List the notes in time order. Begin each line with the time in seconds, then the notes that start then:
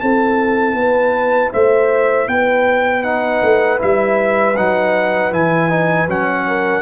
0.00 C4 E4 A4 A5
0.74 B3 B4
1.53 A3 C5 E5
2.27 B3 B4 G5
3.03 D#4 F#5
3.42 A3
3.79 G3 E4 E5
4.57 F#3 D#4 F#5
5.32 E3 E4 G#5
5.69 D#4
6.07 F#3 C#4 F#5
6.47 A#4